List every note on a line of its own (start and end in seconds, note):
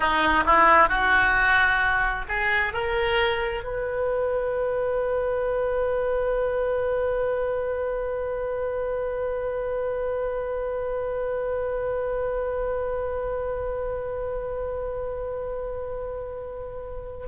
0.00 0.43 D#4
0.45 0.88 E4
0.88 2.25 F#4
2.28 2.73 G#4
2.73 3.63 A#4
3.63 17.27 B4